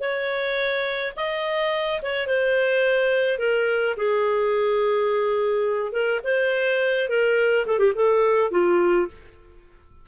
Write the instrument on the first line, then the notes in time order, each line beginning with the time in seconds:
clarinet
0.00 C#5
1.16 D#5
2.02 C#5
2.27 C5
3.38 A#4
3.96 G#4
5.92 A#4
6.24 C5
7.09 A#4
7.66 A4
7.79 G4
7.95 A4
8.51 F4